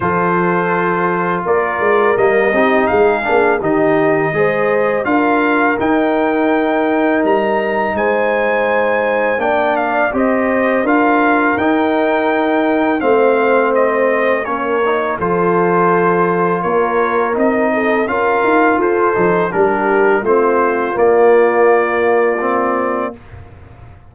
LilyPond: <<
  \new Staff \with { instrumentName = "trumpet" } { \time 4/4 \tempo 4 = 83 c''2 d''4 dis''4 | f''4 dis''2 f''4 | g''2 ais''4 gis''4~ | gis''4 g''8 f''8 dis''4 f''4 |
g''2 f''4 dis''4 | cis''4 c''2 cis''4 | dis''4 f''4 c''4 ais'4 | c''4 d''2. | }
  \new Staff \with { instrumentName = "horn" } { \time 4/4 a'2 ais'4. g'8 | gis'4 g'4 c''4 ais'4~ | ais'2. c''4~ | c''4 d''4 c''4 ais'4~ |
ais'2 c''2 | ais'4 a'2 ais'4~ | ais'8 a'8 ais'4 a'4 g'4 | f'1 | }
  \new Staff \with { instrumentName = "trombone" } { \time 4/4 f'2. ais8 dis'8~ | dis'8 d'8 dis'4 gis'4 f'4 | dis'1~ | dis'4 d'4 g'4 f'4 |
dis'2 c'2 | cis'8 dis'8 f'2. | dis'4 f'4. dis'8 d'4 | c'4 ais2 c'4 | }
  \new Staff \with { instrumentName = "tuba" } { \time 4/4 f2 ais8 gis8 g8 c'8 | gis8 ais8 dis4 gis4 d'4 | dis'2 g4 gis4~ | gis4 ais4 c'4 d'4 |
dis'2 a2 | ais4 f2 ais4 | c'4 cis'8 dis'8 f'8 f8 g4 | a4 ais2. | }
>>